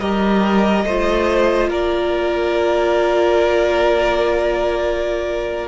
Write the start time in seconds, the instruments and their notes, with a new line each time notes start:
0.00 cello G3, viola G4, violin A#4 D#5
0.85 cello A3, viola F4, violin C5
1.69 cello A#3, violin A#4 D5